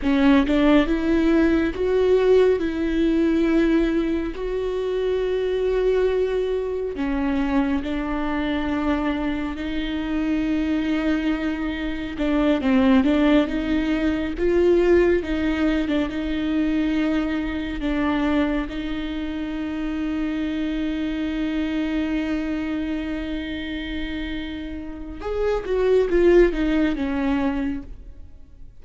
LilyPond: \new Staff \with { instrumentName = "viola" } { \time 4/4 \tempo 4 = 69 cis'8 d'8 e'4 fis'4 e'4~ | e'4 fis'2. | cis'4 d'2 dis'4~ | dis'2 d'8 c'8 d'8 dis'8~ |
dis'8 f'4 dis'8. d'16 dis'4.~ | dis'8 d'4 dis'2~ dis'8~ | dis'1~ | dis'4 gis'8 fis'8 f'8 dis'8 cis'4 | }